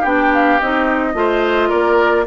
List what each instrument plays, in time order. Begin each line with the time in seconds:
0.00 bassoon B3, clarinet D4, oboe G4, flute G5
0.33 flute F5
0.59 bassoon C4, clarinet D#4, flute D#5
1.13 bassoon A3, clarinet F4, oboe C5
1.68 bassoon A#3, oboe A#4, flute D5